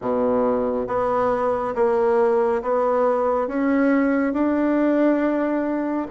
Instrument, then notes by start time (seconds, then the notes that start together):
bassoon
0.01 B2
0.87 B3
1.75 A#3
2.62 B3
3.47 C#4
4.33 D4